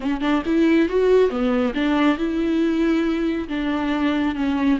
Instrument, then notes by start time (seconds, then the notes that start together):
viola
0.00 C#4
0.21 D4
0.45 E4
0.89 F#4
1.30 B3
1.74 D4
2.17 E4
3.48 D4
4.35 C#4